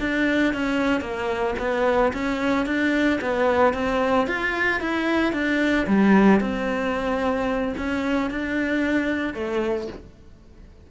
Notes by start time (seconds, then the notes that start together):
0.00 D4
0.54 C#4
1.01 A#3
1.59 B3
2.13 C#4
2.66 D4
3.21 B3
3.74 C4
4.27 F4
4.80 E4
5.33 D4
5.87 G3
6.41 C4
7.78 C#4
8.31 D4
9.34 A3